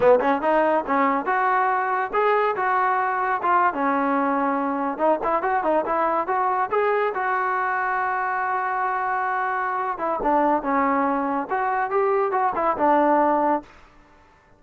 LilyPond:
\new Staff \with { instrumentName = "trombone" } { \time 4/4 \tempo 4 = 141 b8 cis'8 dis'4 cis'4 fis'4~ | fis'4 gis'4 fis'2 | f'8. cis'2. dis'16~ | dis'16 e'8 fis'8 dis'8 e'4 fis'4 gis'16~ |
gis'8. fis'2.~ fis'16~ | fis'2.~ fis'8 e'8 | d'4 cis'2 fis'4 | g'4 fis'8 e'8 d'2 | }